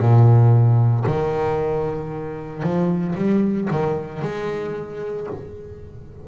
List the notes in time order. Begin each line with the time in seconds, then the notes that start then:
0.00 A#2
1.07 D#3
2.63 F3
3.16 G3
3.71 D#3
4.22 G#3